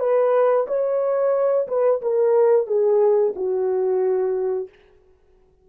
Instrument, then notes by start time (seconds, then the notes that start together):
horn
0.00 B4
0.68 C#5
1.68 B4
2.02 A#4
2.67 G#4
3.36 F#4